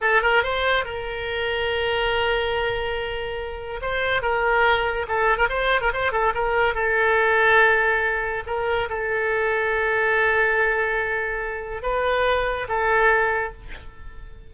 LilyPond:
\new Staff \with { instrumentName = "oboe" } { \time 4/4 \tempo 4 = 142 a'8 ais'8 c''4 ais'2~ | ais'1~ | ais'4 c''4 ais'2 | a'8. ais'16 c''8. ais'16 c''8 a'8 ais'4 |
a'1 | ais'4 a'2.~ | a'1 | b'2 a'2 | }